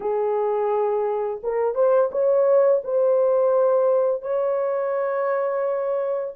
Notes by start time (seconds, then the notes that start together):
0.00 G#4
1.43 A#4
1.74 C5
2.11 C#5
2.84 C5
4.22 C#5